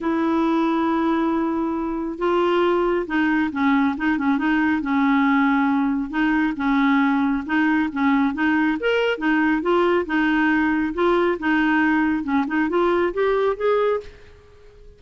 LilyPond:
\new Staff \with { instrumentName = "clarinet" } { \time 4/4 \tempo 4 = 137 e'1~ | e'4 f'2 dis'4 | cis'4 dis'8 cis'8 dis'4 cis'4~ | cis'2 dis'4 cis'4~ |
cis'4 dis'4 cis'4 dis'4 | ais'4 dis'4 f'4 dis'4~ | dis'4 f'4 dis'2 | cis'8 dis'8 f'4 g'4 gis'4 | }